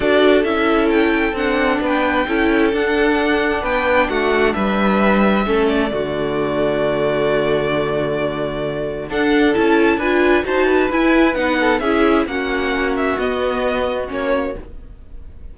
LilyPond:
<<
  \new Staff \with { instrumentName = "violin" } { \time 4/4 \tempo 4 = 132 d''4 e''4 g''4 fis''4 | g''2 fis''2 | g''4 fis''4 e''2~ | e''8 d''2.~ d''8~ |
d''1 | fis''4 a''4 gis''4 a''4 | gis''4 fis''4 e''4 fis''4~ | fis''8 e''8 dis''2 cis''4 | }
  \new Staff \with { instrumentName = "violin" } { \time 4/4 a'1 | b'4 a'2. | b'4 fis'4 b'2 | a'4 fis'2.~ |
fis'1 | a'2 b'4 c''8 b'8~ | b'4. a'8 gis'4 fis'4~ | fis'1 | }
  \new Staff \with { instrumentName = "viola" } { \time 4/4 fis'4 e'2 d'4~ | d'4 e'4 d'2~ | d'1 | cis'4 a2.~ |
a1 | d'4 e'4 f'4 fis'4 | e'4 dis'4 e'4 cis'4~ | cis'4 b2 cis'4 | }
  \new Staff \with { instrumentName = "cello" } { \time 4/4 d'4 cis'2 c'4 | b4 cis'4 d'2 | b4 a4 g2 | a4 d2.~ |
d1 | d'4 cis'4 d'4 dis'4 | e'4 b4 cis'4 ais4~ | ais4 b2 ais4 | }
>>